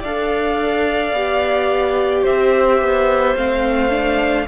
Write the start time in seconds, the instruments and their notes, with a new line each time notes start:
0.00 cello D4, viola A4, violin D5 F5
1.12 cello B3, viola G4
2.22 cello C4, violin C5 E5
2.81 cello B3
3.36 cello A3, viola C4, violin F5
3.90 viola D4